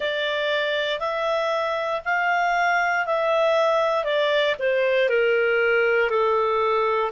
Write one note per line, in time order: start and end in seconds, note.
0.00 0.99 D5
0.99 2.01 E5
2.04 3.06 F5
3.06 4.04 E5
4.04 4.55 D5
4.59 5.08 C5
5.08 6.10 A#4
6.10 7.11 A4